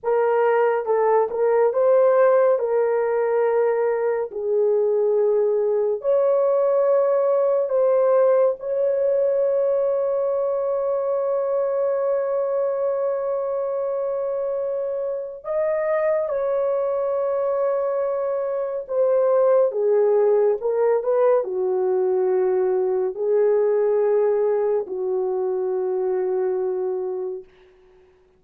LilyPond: \new Staff \with { instrumentName = "horn" } { \time 4/4 \tempo 4 = 70 ais'4 a'8 ais'8 c''4 ais'4~ | ais'4 gis'2 cis''4~ | cis''4 c''4 cis''2~ | cis''1~ |
cis''2 dis''4 cis''4~ | cis''2 c''4 gis'4 | ais'8 b'8 fis'2 gis'4~ | gis'4 fis'2. | }